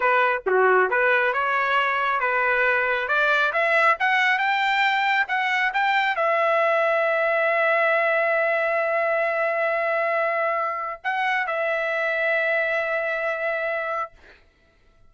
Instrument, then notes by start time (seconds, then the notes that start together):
trumpet
0.00 B4
0.46 F#4
0.90 B4
1.33 C#5
2.20 B4
3.08 D5
3.53 E5
3.99 F#5
4.38 G5
5.28 F#5
5.73 G5
6.16 E5
11.04 F#5
11.46 E5